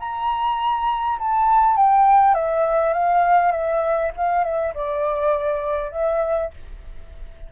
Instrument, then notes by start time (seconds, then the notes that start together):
flute
0.00 A#5
1.19 A5
1.77 G5
2.34 E5
2.94 F5
3.52 E5
4.17 F5
4.44 E5
4.74 D5
5.92 E5